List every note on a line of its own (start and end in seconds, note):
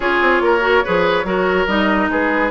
0.00 0.20 C#4
0.00 0.60 F4
0.00 0.42 G#4
0.00 1.67 C#5
0.21 0.40 C4
0.40 0.82 A#3
0.40 0.84 A#4
0.60 0.81 F#4
0.84 1.24 F3
0.84 1.24 G#4
0.84 1.26 B4
1.24 1.66 F#3
1.24 1.66 F#4
1.24 2.10 A#4
1.67 2.08 G3
1.67 2.50 D#4
1.67 2.09 D#5
2.08 2.50 G#3
2.08 2.50 G#4
2.08 2.50 B4